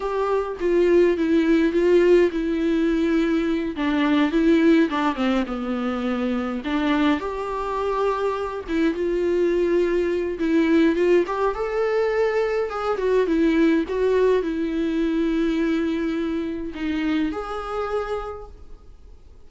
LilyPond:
\new Staff \with { instrumentName = "viola" } { \time 4/4 \tempo 4 = 104 g'4 f'4 e'4 f'4 | e'2~ e'8 d'4 e'8~ | e'8 d'8 c'8 b2 d'8~ | d'8 g'2~ g'8 e'8 f'8~ |
f'2 e'4 f'8 g'8 | a'2 gis'8 fis'8 e'4 | fis'4 e'2.~ | e'4 dis'4 gis'2 | }